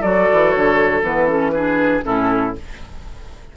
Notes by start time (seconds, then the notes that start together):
0.00 F#3 F#4 A4 D5
0.32 E3
0.50 D3 C#5
1.02 E3 B3 B4
1.28 C#4 A4
1.50 D4 G#4 B4
2.03 A2 C#4 E4 A4